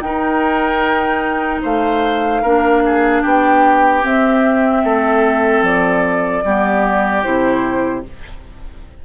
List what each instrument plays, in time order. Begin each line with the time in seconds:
0.00 bassoon D#4, clarinet D#4, oboe A#4, flute G5
1.62 bassoon A3, oboe C5, flute F5
2.42 bassoon A#3, clarinet D4, oboe A#4
2.85 oboe G#4
3.22 bassoon B3, oboe G4, flute G5
4.02 clarinet C4, bassoon C4, flute E5
4.84 bassoon A3, oboe A4
5.62 bassoon F3, flute D5
6.44 bassoon G3, clarinet B3, oboe G4
7.23 bassoon C3, clarinet E4, flute C5